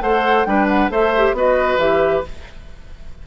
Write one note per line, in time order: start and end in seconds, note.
0.00 0.45 A3
0.00 0.46 A4
0.00 0.47 C5
0.00 0.45 F#5
0.45 0.89 G3
0.45 0.90 D4
0.45 0.91 B4
0.45 0.67 G5
0.68 0.90 F#5
0.89 1.32 A3
0.89 1.12 A4
0.89 1.35 C5
0.89 1.36 E5
1.16 1.35 G4
1.32 1.77 B3
1.32 1.79 F#4
1.32 2.27 B4
1.32 1.79 D#5
1.77 2.22 E3
1.77 2.23 G4
1.77 2.24 E5